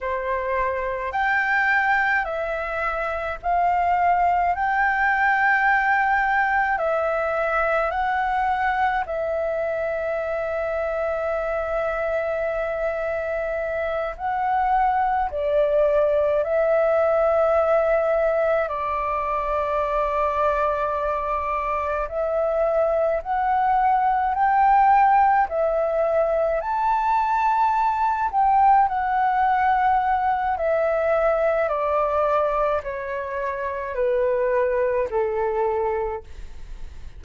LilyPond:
\new Staff \with { instrumentName = "flute" } { \time 4/4 \tempo 4 = 53 c''4 g''4 e''4 f''4 | g''2 e''4 fis''4 | e''1~ | e''8 fis''4 d''4 e''4.~ |
e''8 d''2. e''8~ | e''8 fis''4 g''4 e''4 a''8~ | a''4 g''8 fis''4. e''4 | d''4 cis''4 b'4 a'4 | }